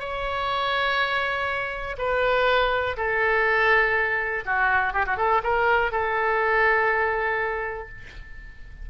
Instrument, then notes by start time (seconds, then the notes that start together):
oboe
0.00 C#5
1.98 B4
2.97 A4
4.46 F#4
4.94 G4
5.06 F#4
5.17 A4
5.43 A#4
5.92 A4